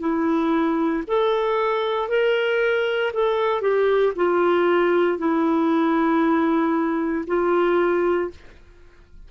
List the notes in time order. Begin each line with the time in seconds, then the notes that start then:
0.00 E4
1.08 A4
2.09 A#4
3.14 A4
3.62 G4
4.16 F4
5.18 E4
7.27 F4